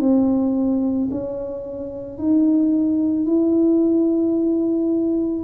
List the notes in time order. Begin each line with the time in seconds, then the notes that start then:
0.00 C4
1.11 C#4
2.18 D#4
3.26 E4